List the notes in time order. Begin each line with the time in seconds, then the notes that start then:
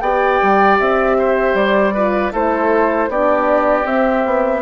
0.00 B3 G4 D5 G5
0.42 G3
0.79 C4 E5
1.18 C5
1.54 G3 D5
1.94 F4 B4
2.32 A3 E4 A4 C5
3.08 B3 D4 G4 D5
3.84 C4 E5
4.25 B3